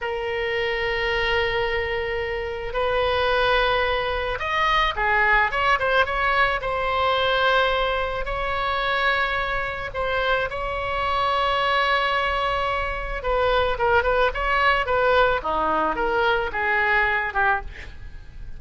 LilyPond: \new Staff \with { instrumentName = "oboe" } { \time 4/4 \tempo 4 = 109 ais'1~ | ais'4 b'2. | dis''4 gis'4 cis''8 c''8 cis''4 | c''2. cis''4~ |
cis''2 c''4 cis''4~ | cis''1 | b'4 ais'8 b'8 cis''4 b'4 | dis'4 ais'4 gis'4. g'8 | }